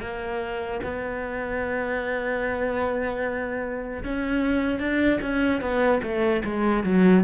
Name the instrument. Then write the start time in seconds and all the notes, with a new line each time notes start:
cello
0.00 A#3
0.83 B3
4.03 C#4
4.80 D4
5.21 C#4
5.61 B3
6.03 A3
6.44 G#3
6.83 F#3